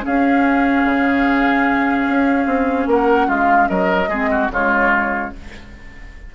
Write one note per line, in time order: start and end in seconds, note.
0.00 4.05 C#4
0.00 2.88 G#4
0.00 2.89 F5
0.06 0.84 C#4
0.84 2.06 C#3
2.08 2.46 C#4
2.46 2.86 C4
2.86 3.27 A#3
2.86 3.27 A#4
2.86 3.30 F#5
3.27 3.69 G#3
3.27 3.67 F4
3.27 3.68 F5
3.68 4.08 F#3
3.68 4.09 A#4
3.68 4.49 D#5
4.08 4.48 G#3
4.08 4.50 C4
4.08 4.29 G#4
4.30 4.51 F#4
4.50 5.31 C#3
4.50 5.31 G#3
4.50 5.34 F4
4.50 5.34 C#5